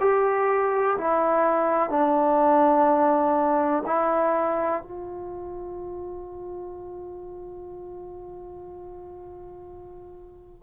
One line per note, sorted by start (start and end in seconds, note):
0.00 0.97 G4
0.97 1.90 E4
1.90 3.83 D4
3.86 4.82 E4
4.82 10.63 F4